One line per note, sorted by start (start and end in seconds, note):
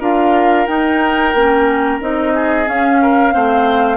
0.00 0.67 D4
0.00 0.67 F4
0.00 2.33 A#4
0.00 0.67 F5
0.67 1.34 D#4
0.67 2.00 G5
1.34 2.00 A#3
1.34 2.01 C#4
2.01 2.68 C4
2.01 2.66 D#4
2.01 2.68 D#5
2.35 3.02 G#4
2.66 3.31 C#4
2.66 3.35 C#4
2.66 3.97 F5
3.02 3.34 A#4
3.31 3.97 A3
3.31 3.97 C4
3.31 3.97 C5